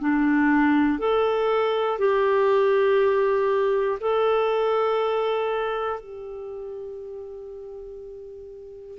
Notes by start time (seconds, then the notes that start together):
0.00 D4
0.98 A4
1.98 G4
4.00 A4
6.00 G4